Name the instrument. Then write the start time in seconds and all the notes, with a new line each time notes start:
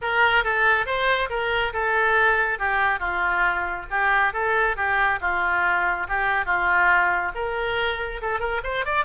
oboe
0.01 A#4
0.44 A4
0.86 C5
1.29 A#4
1.73 A4
2.58 G4
2.99 F4
3.90 G4
4.33 A4
4.76 G4
5.20 F4
6.08 G4
6.45 F4
7.35 A#4
8.21 A4
8.39 A#4
8.63 C5
8.85 D5